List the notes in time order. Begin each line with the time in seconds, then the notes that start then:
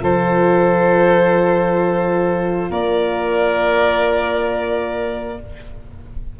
0.00 F3 F4 A4 C5
2.70 A#3 A#4 D5